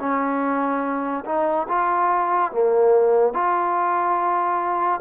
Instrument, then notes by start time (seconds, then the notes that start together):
trombone
0.00 C#4
1.26 D#4
1.69 F4
2.52 A#3
3.34 F4